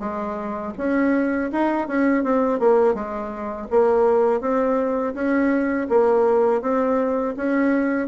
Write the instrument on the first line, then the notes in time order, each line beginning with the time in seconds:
bassoon
0.00 G#3
0.78 C#4
1.52 D#4
1.88 C#4
2.24 C4
2.60 A#3
2.95 G#3
3.71 A#3
4.41 C4
5.15 C#4
5.89 A#3
6.62 C4
7.37 C#4